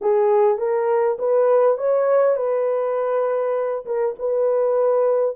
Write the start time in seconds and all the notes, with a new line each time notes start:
0.01 G#4
0.58 A#4
1.18 B4
1.77 C#5
2.36 B4
3.85 A#4
4.19 B4